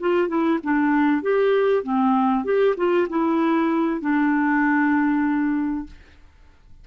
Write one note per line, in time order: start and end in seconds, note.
0.00 0.28 F4
0.28 0.59 E4
0.63 1.22 D4
1.22 1.83 G4
1.83 2.44 C4
2.44 2.75 G4
2.77 3.08 F4
3.10 4.01 E4
4.01 5.87 D4